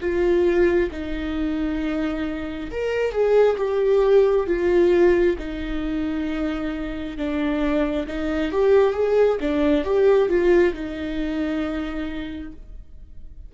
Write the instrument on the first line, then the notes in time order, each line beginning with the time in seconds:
viola
0.00 F4
0.91 D#4
2.71 A#4
3.11 G#4
3.57 G4
4.47 F4
5.38 D#4
7.17 D4
8.07 D#4
8.51 G4
8.93 G#4
9.40 D4
9.84 G4
10.29 F4
10.73 D#4